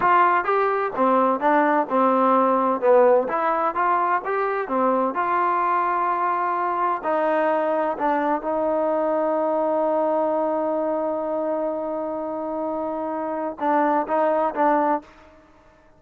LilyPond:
\new Staff \with { instrumentName = "trombone" } { \time 4/4 \tempo 4 = 128 f'4 g'4 c'4 d'4 | c'2 b4 e'4 | f'4 g'4 c'4 f'4~ | f'2. dis'4~ |
dis'4 d'4 dis'2~ | dis'1~ | dis'1~ | dis'4 d'4 dis'4 d'4 | }